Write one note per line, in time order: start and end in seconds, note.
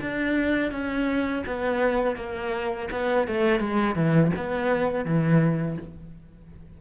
0.00 0.71 D4
0.71 1.43 C#4
1.46 2.16 B3
2.16 2.88 A#3
2.91 3.27 B3
3.27 3.59 A3
3.59 3.95 G#3
3.95 4.31 E3
4.36 5.05 B3
5.05 5.77 E3